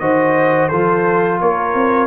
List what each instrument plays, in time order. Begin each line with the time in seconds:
0.00 tuba D#3, trombone F#4, horn C5, trumpet D#5
0.69 tuba F3, trombone F4, horn A4, trumpet C5
1.41 tuba A#3, horn A#4, trumpet C#5
1.75 tuba C4